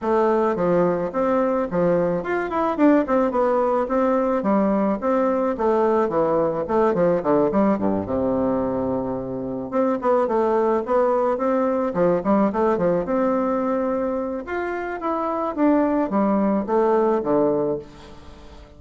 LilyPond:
\new Staff \with { instrumentName = "bassoon" } { \time 4/4 \tempo 4 = 108 a4 f4 c'4 f4 | f'8 e'8 d'8 c'8 b4 c'4 | g4 c'4 a4 e4 | a8 f8 d8 g8 g,8 c4.~ |
c4. c'8 b8 a4 b8~ | b8 c'4 f8 g8 a8 f8 c'8~ | c'2 f'4 e'4 | d'4 g4 a4 d4 | }